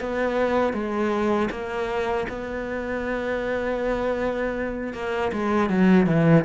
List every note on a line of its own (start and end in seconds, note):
0.00 0.73 B3
0.73 1.49 G#3
1.51 2.27 A#3
2.29 4.93 B3
4.93 5.31 A#3
5.32 5.69 G#3
5.69 6.06 F#3
6.06 6.44 E3